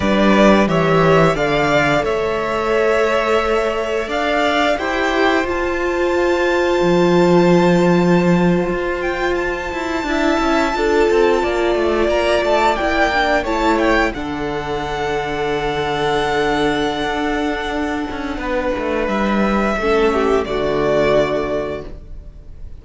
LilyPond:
<<
  \new Staff \with { instrumentName = "violin" } { \time 4/4 \tempo 4 = 88 d''4 e''4 f''4 e''4~ | e''2 f''4 g''4 | a''1~ | a''4~ a''16 g''8 a''2~ a''16~ |
a''4.~ a''16 ais''8 a''8 g''4 a''16~ | a''16 g''8 fis''2.~ fis''16~ | fis''1 | e''2 d''2 | }
  \new Staff \with { instrumentName = "violin" } { \time 4/4 b'4 cis''4 d''4 cis''4~ | cis''2 d''4 c''4~ | c''1~ | c''2~ c''8. e''4 a'16~ |
a'8. d''2. cis''16~ | cis''8. a'2.~ a'16~ | a'2. b'4~ | b'4 a'8 g'8 fis'2 | }
  \new Staff \with { instrumentName = "viola" } { \time 4/4 d'4 g'4 a'2~ | a'2. g'4 | f'1~ | f'2~ f'8. e'4 f'16~ |
f'2~ f'8. e'8 d'8 e'16~ | e'8. d'2.~ d'16~ | d'1~ | d'4 cis'4 a2 | }
  \new Staff \with { instrumentName = "cello" } { \time 4/4 g4 e4 d4 a4~ | a2 d'4 e'4 | f'2 f2~ | f8. f'4. e'8 d'8 cis'8 d'16~ |
d'16 c'8 ais8 a8 ais8 a8 ais4 a16~ | a8. d2.~ d16~ | d4 d'4. cis'8 b8 a8 | g4 a4 d2 | }
>>